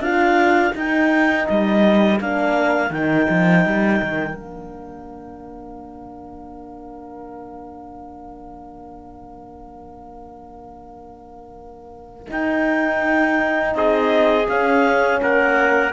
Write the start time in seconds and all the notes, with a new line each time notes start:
0.00 D4 F4 A#4 F5
0.75 D#4 G5
1.47 G3 D#5
2.20 A#3 D4 F5
2.91 D#3 D#4 G5
3.30 F3
3.66 G3
4.02 D#3
4.34 A#3 D4 F5
12.28 D#4 G5
13.75 C4 G#4 D#5
14.49 C#4 F5
15.22 A#3 A#4 F#5